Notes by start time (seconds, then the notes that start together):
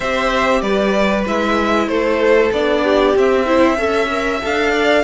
0.00 C4 G4 C5 E5
0.61 G3 B4 D5
1.26 G#3 E4 E5
1.87 A3 A4 C5
2.51 B3 D4 D5
2.83 G4
3.15 C4 E5
3.45 E4 C5
3.77 C#4 A4 E5
4.09 A#4
4.42 D4 A4 F5
4.71 D5